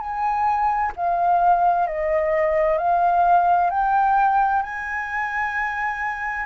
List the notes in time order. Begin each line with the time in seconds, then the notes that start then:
0.00 G#5
0.96 F5
1.87 D#5
2.78 F5
3.70 G5
4.62 G#5